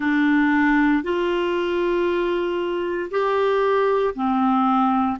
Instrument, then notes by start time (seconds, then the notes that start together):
clarinet
0.00 D4
1.03 F4
3.10 G4
4.14 C4